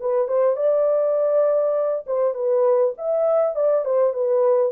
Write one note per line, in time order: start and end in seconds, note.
0.00 0.28 B4
0.28 0.56 C5
0.56 2.05 D5
2.07 2.34 C5
2.34 2.94 B4
2.98 3.55 E5
3.55 3.85 D5
3.85 4.13 C5
4.13 4.72 B4